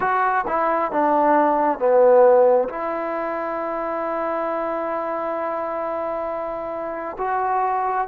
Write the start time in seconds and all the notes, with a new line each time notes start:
0.00 F#4
0.47 E4
0.91 D4
1.79 B3
2.69 E4
7.18 F#4